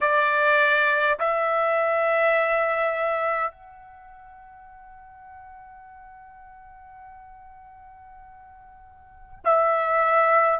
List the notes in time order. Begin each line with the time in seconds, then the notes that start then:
0.00 D5
1.19 E5
3.51 F#5
9.44 E5